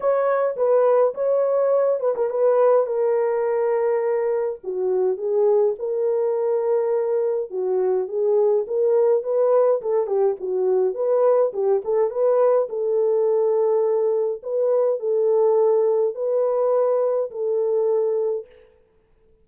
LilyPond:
\new Staff \with { instrumentName = "horn" } { \time 4/4 \tempo 4 = 104 cis''4 b'4 cis''4. b'16 ais'16 | b'4 ais'2. | fis'4 gis'4 ais'2~ | ais'4 fis'4 gis'4 ais'4 |
b'4 a'8 g'8 fis'4 b'4 | g'8 a'8 b'4 a'2~ | a'4 b'4 a'2 | b'2 a'2 | }